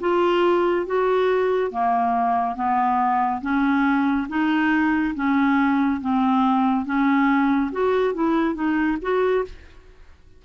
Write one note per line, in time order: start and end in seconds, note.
0.00 0.86 F4
0.86 1.71 F#4
1.71 2.55 A#3
2.55 3.41 B3
3.41 4.27 C#4
4.29 5.14 D#4
5.15 6.00 C#4
6.01 6.85 C4
6.85 7.71 C#4
7.71 8.14 F#4
8.14 8.54 E4
8.54 8.97 D#4
9.02 9.44 F#4